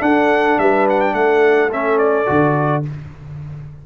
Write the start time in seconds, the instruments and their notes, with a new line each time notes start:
0.00 trombone D4, tuba D4, horn A4, trumpet F#5
0.58 tuba G3, horn B4, trumpet E5
0.90 trumpet F#5
1.01 trumpet G5
1.14 tuba A3, horn A4, trumpet F#5
1.73 trombone C#4, trumpet E5
1.99 trumpet D5
2.26 tuba D3, trombone F#4